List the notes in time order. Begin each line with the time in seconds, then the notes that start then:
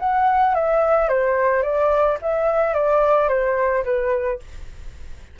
0.00 F#5
0.55 E5
1.09 C5
1.63 D5
2.22 E5
2.74 D5
3.29 C5
3.85 B4